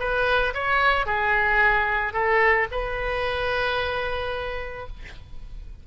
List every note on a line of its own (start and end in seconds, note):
0.00 0.54 B4
0.54 1.06 C#5
1.06 2.14 G#4
2.14 2.68 A4
2.71 4.88 B4